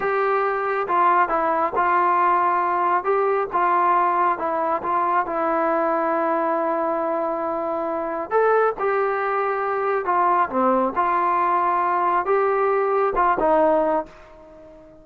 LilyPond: \new Staff \with { instrumentName = "trombone" } { \time 4/4 \tempo 4 = 137 g'2 f'4 e'4 | f'2. g'4 | f'2 e'4 f'4 | e'1~ |
e'2. a'4 | g'2. f'4 | c'4 f'2. | g'2 f'8 dis'4. | }